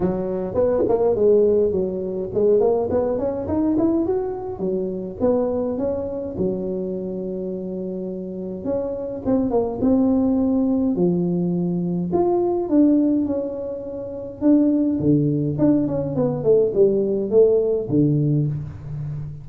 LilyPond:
\new Staff \with { instrumentName = "tuba" } { \time 4/4 \tempo 4 = 104 fis4 b8 ais8 gis4 fis4 | gis8 ais8 b8 cis'8 dis'8 e'8 fis'4 | fis4 b4 cis'4 fis4~ | fis2. cis'4 |
c'8 ais8 c'2 f4~ | f4 f'4 d'4 cis'4~ | cis'4 d'4 d4 d'8 cis'8 | b8 a8 g4 a4 d4 | }